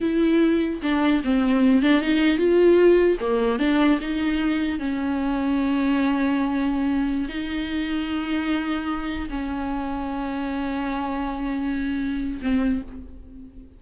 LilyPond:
\new Staff \with { instrumentName = "viola" } { \time 4/4 \tempo 4 = 150 e'2 d'4 c'4~ | c'8 d'8 dis'4 f'2 | ais4 d'4 dis'2 | cis'1~ |
cis'2~ cis'16 dis'4.~ dis'16~ | dis'2.~ dis'16 cis'8.~ | cis'1~ | cis'2. c'4 | }